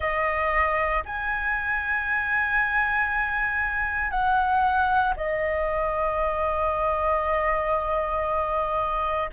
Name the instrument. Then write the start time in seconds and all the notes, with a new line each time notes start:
flute
0.00 D#5
1.05 G#5
4.11 F#5
5.16 D#5